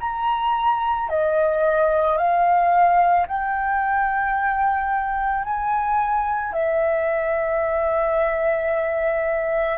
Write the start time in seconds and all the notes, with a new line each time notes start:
0.00 A#5
1.09 D#5
2.17 F5
3.26 G5
5.44 G#5
6.52 E5